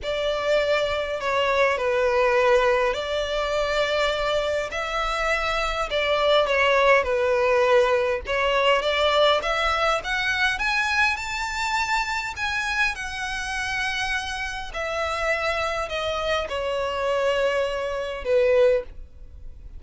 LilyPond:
\new Staff \with { instrumentName = "violin" } { \time 4/4 \tempo 4 = 102 d''2 cis''4 b'4~ | b'4 d''2. | e''2 d''4 cis''4 | b'2 cis''4 d''4 |
e''4 fis''4 gis''4 a''4~ | a''4 gis''4 fis''2~ | fis''4 e''2 dis''4 | cis''2. b'4 | }